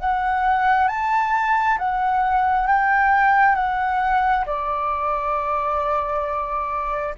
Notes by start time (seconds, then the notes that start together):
0.00 F#5
0.88 A5
1.78 F#5
2.67 G5
3.55 F#5
4.46 D5